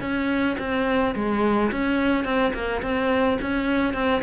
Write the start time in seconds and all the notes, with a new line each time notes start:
0.00 C#4
0.58 C4
1.15 G#3
1.71 C#4
2.24 C4
2.53 A#3
2.82 C4
3.41 C#4
3.94 C4